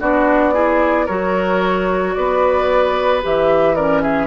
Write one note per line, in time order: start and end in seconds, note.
0.00 1.07 B3
0.00 0.53 D4
0.00 0.53 F#4
0.00 1.06 D5
0.53 1.07 E4
0.53 1.05 G#4
1.05 2.16 F#3
1.05 3.22 F#4
1.05 2.12 A#4
1.05 2.13 C#5
2.13 3.23 B3
2.13 3.75 B4
2.13 3.21 D5
3.22 4.26 E3
3.22 3.75 G4
3.22 3.74 E5
3.74 4.26 C#4
3.74 4.02 A#4
3.74 4.01 D5
4.02 4.26 G#4
4.02 4.26 E5